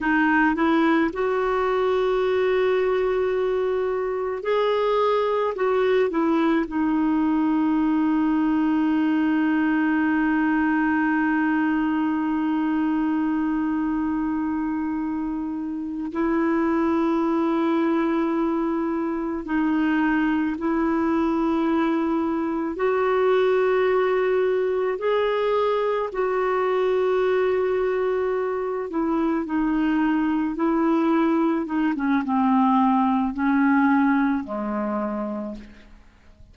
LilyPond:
\new Staff \with { instrumentName = "clarinet" } { \time 4/4 \tempo 4 = 54 dis'8 e'8 fis'2. | gis'4 fis'8 e'8 dis'2~ | dis'1~ | dis'2~ dis'8 e'4.~ |
e'4. dis'4 e'4.~ | e'8 fis'2 gis'4 fis'8~ | fis'2 e'8 dis'4 e'8~ | e'8 dis'16 cis'16 c'4 cis'4 gis4 | }